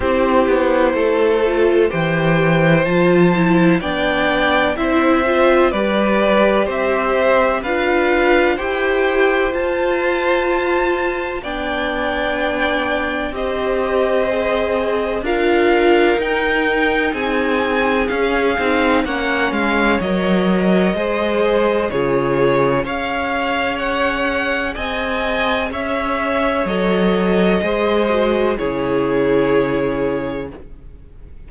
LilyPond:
<<
  \new Staff \with { instrumentName = "violin" } { \time 4/4 \tempo 4 = 63 c''2 g''4 a''4 | g''4 e''4 d''4 e''4 | f''4 g''4 a''2 | g''2 dis''2 |
f''4 g''4 gis''4 f''4 | fis''8 f''8 dis''2 cis''4 | f''4 fis''4 gis''4 e''4 | dis''2 cis''2 | }
  \new Staff \with { instrumentName = "violin" } { \time 4/4 g'4 a'4 c''2 | d''4 c''4 b'4 c''4 | b'4 c''2. | d''2 c''2 |
ais'2 gis'2 | cis''2 c''4 gis'4 | cis''2 dis''4 cis''4~ | cis''4 c''4 gis'2 | }
  \new Staff \with { instrumentName = "viola" } { \time 4/4 e'4. f'8 g'4 f'8 e'8 | d'4 e'8 f'8 g'2 | f'4 g'4 f'2 | d'2 g'4 gis'4 |
f'4 dis'2 cis'8 dis'8 | cis'4 ais'4 gis'4 f'4 | gis'1 | a'4 gis'8 fis'8 e'2 | }
  \new Staff \with { instrumentName = "cello" } { \time 4/4 c'8 b8 a4 e4 f4 | b4 c'4 g4 c'4 | d'4 e'4 f'2 | b2 c'2 |
d'4 dis'4 c'4 cis'8 c'8 | ais8 gis8 fis4 gis4 cis4 | cis'2 c'4 cis'4 | fis4 gis4 cis2 | }
>>